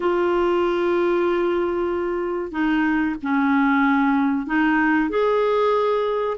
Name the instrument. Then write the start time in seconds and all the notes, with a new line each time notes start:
clarinet
0.00 F4
2.51 D#4
3.22 C#4
4.46 D#4
5.09 G#4